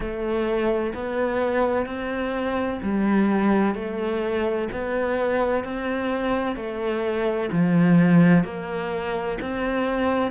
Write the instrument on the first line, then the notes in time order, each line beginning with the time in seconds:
cello
0.00 A3
0.94 B3
1.86 C4
2.82 G3
3.74 A3
4.71 B3
5.64 C4
6.55 A3
7.52 F3
8.44 A#3
9.40 C4